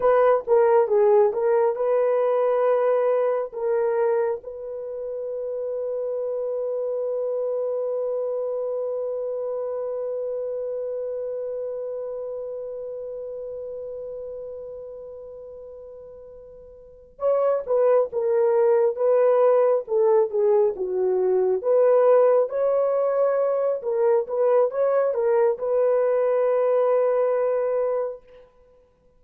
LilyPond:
\new Staff \with { instrumentName = "horn" } { \time 4/4 \tempo 4 = 68 b'8 ais'8 gis'8 ais'8 b'2 | ais'4 b'2.~ | b'1~ | b'1~ |
b'2.~ b'8 cis''8 | b'8 ais'4 b'4 a'8 gis'8 fis'8~ | fis'8 b'4 cis''4. ais'8 b'8 | cis''8 ais'8 b'2. | }